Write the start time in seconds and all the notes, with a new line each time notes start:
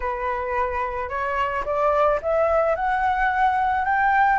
0.00 B4
1.09 C#5
1.65 D5
2.22 E5
2.75 F#5
3.84 G5